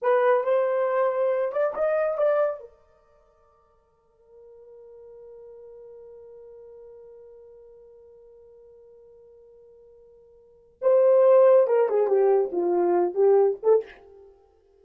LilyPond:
\new Staff \with { instrumentName = "horn" } { \time 4/4 \tempo 4 = 139 b'4 c''2~ c''8 d''8 | dis''4 d''4 ais'2~ | ais'1~ | ais'1~ |
ais'1~ | ais'1~ | ais'4 c''2 ais'8 gis'8 | g'4 f'4. g'4 a'8 | }